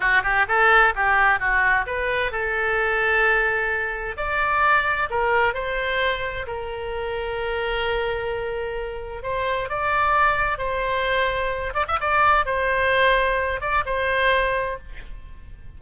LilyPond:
\new Staff \with { instrumentName = "oboe" } { \time 4/4 \tempo 4 = 130 fis'8 g'8 a'4 g'4 fis'4 | b'4 a'2.~ | a'4 d''2 ais'4 | c''2 ais'2~ |
ais'1 | c''4 d''2 c''4~ | c''4. d''16 e''16 d''4 c''4~ | c''4. d''8 c''2 | }